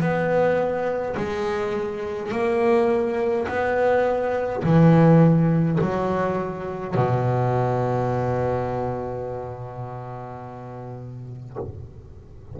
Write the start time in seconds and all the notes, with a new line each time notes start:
0.00 B3
1.16 G#3
2.31 A#3
3.48 B3
4.63 E3
5.81 F#3
6.94 B2